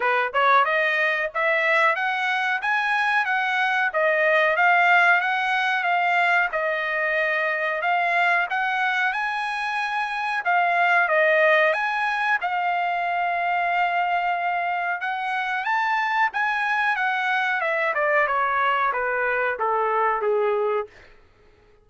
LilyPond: \new Staff \with { instrumentName = "trumpet" } { \time 4/4 \tempo 4 = 92 b'8 cis''8 dis''4 e''4 fis''4 | gis''4 fis''4 dis''4 f''4 | fis''4 f''4 dis''2 | f''4 fis''4 gis''2 |
f''4 dis''4 gis''4 f''4~ | f''2. fis''4 | a''4 gis''4 fis''4 e''8 d''8 | cis''4 b'4 a'4 gis'4 | }